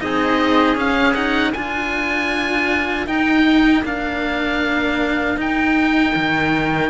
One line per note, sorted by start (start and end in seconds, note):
0.00 0.77 C4
0.00 0.75 D#4
0.00 1.53 G#4
0.00 0.77 D#5
0.75 1.13 C#4
0.75 1.54 C#4
0.75 1.14 F5
1.14 1.53 D#4
1.14 1.52 F#5
1.53 3.07 D4
1.53 3.06 F4
1.53 6.90 A#4
1.53 3.07 G#5
3.06 3.83 D#4
3.06 3.84 G5
3.83 5.36 A#3
3.83 5.38 D4
3.83 5.40 F5
5.36 6.13 D#4
5.36 6.90 D#4
5.36 6.90 G5
6.15 6.90 D#3